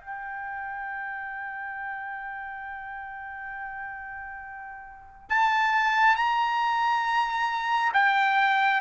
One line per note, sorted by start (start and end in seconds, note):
0.00 5.29 G5
5.29 6.16 A5
6.16 7.93 A#5
7.93 8.81 G5